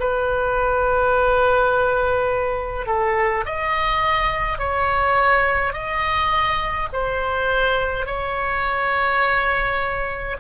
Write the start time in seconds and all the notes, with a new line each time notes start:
0.00 B4
2.87 A4
3.46 D#5
4.59 C#5
5.74 D#5
6.93 C5
8.07 C#5